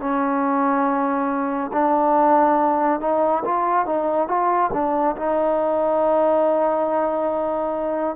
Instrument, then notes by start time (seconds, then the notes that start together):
trombone
0.00 C#4
1.73 D4
3.01 D#4
3.45 F4
3.86 D#4
4.28 F4
4.73 D4
5.17 D#4